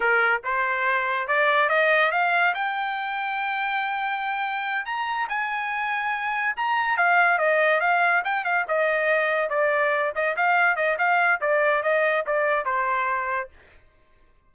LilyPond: \new Staff \with { instrumentName = "trumpet" } { \time 4/4 \tempo 4 = 142 ais'4 c''2 d''4 | dis''4 f''4 g''2~ | g''2.~ g''8 ais''8~ | ais''8 gis''2. ais''8~ |
ais''8 f''4 dis''4 f''4 g''8 | f''8 dis''2 d''4. | dis''8 f''4 dis''8 f''4 d''4 | dis''4 d''4 c''2 | }